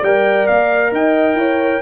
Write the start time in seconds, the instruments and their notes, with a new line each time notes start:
0.00 tuba G3, trombone A#4, horn D5, trumpet G5
0.46 tuba A#3, trumpet F5
0.92 tuba D#4, horn D#5, trumpet G5
1.35 tuba E4, horn C#5